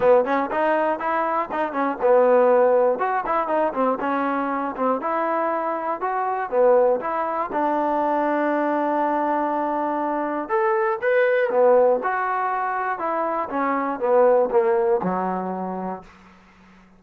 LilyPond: \new Staff \with { instrumentName = "trombone" } { \time 4/4 \tempo 4 = 120 b8 cis'8 dis'4 e'4 dis'8 cis'8 | b2 fis'8 e'8 dis'8 c'8 | cis'4. c'8 e'2 | fis'4 b4 e'4 d'4~ |
d'1~ | d'4 a'4 b'4 b4 | fis'2 e'4 cis'4 | b4 ais4 fis2 | }